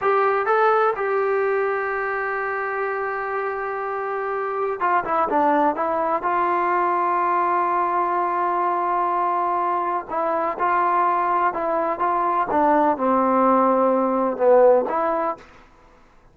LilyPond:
\new Staff \with { instrumentName = "trombone" } { \time 4/4 \tempo 4 = 125 g'4 a'4 g'2~ | g'1~ | g'2 f'8 e'8 d'4 | e'4 f'2.~ |
f'1~ | f'4 e'4 f'2 | e'4 f'4 d'4 c'4~ | c'2 b4 e'4 | }